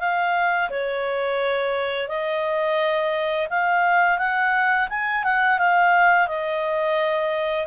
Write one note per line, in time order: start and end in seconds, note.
0.00 0.70 F5
0.70 2.08 C#5
2.08 3.48 D#5
3.50 4.19 F5
4.19 4.88 F#5
4.90 5.24 G#5
5.24 5.58 F#5
5.58 6.28 F5
6.28 7.67 D#5